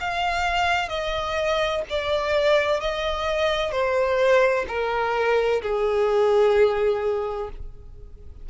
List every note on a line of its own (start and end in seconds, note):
0.00 0.89 F5
0.89 1.82 D#5
1.90 2.80 D5
2.80 3.71 D#5
3.71 4.65 C5
4.68 5.62 A#4
5.62 7.50 G#4